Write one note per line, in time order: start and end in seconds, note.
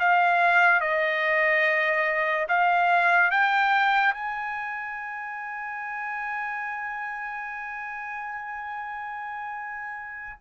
0.00 0.81 F5
0.81 2.48 D#5
2.48 3.31 F5
3.31 4.14 G5
4.14 10.39 G#5